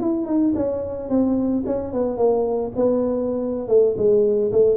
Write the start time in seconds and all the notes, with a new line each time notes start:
0.00 E4
0.26 D#4
0.55 C#4
1.09 C4
1.66 C#4
1.93 B3
2.17 A#3
2.76 B3
3.68 A3
3.97 G#3
4.52 A3